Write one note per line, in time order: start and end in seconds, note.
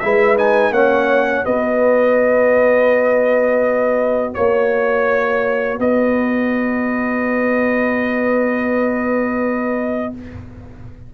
0.00 0.71 G#3
0.00 0.38 E4
0.00 0.73 B4
0.00 0.36 E5
0.38 0.73 D#4
0.38 0.73 G#5
0.71 1.43 A#3
0.71 1.45 C#4
0.71 1.45 C#5
0.71 1.45 F#5
1.45 4.36 B3
1.45 10.13 F#4
1.45 4.34 B4
1.45 4.34 D#5
4.34 5.79 A#3
4.34 5.78 C#5
4.34 5.79 C#5
5.79 10.13 B3
5.79 10.13 B4
5.79 10.14 D#5